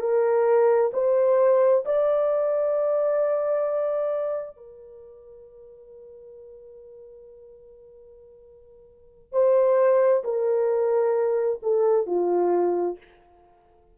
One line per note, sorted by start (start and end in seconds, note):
0.00 0.91 A#4
0.93 1.84 C5
1.85 4.56 D5
4.56 9.32 A#4
9.32 10.23 C5
10.24 11.60 A#4
11.62 12.06 A4
12.06 12.97 F4